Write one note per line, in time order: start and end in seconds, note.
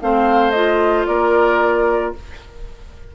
0.00 1.07 A3
0.00 0.54 C4
0.00 1.07 C5
0.00 0.50 F5
0.50 2.15 F4
0.50 1.04 D#5
1.05 2.14 A#3
1.05 2.14 A#4
1.05 2.12 D5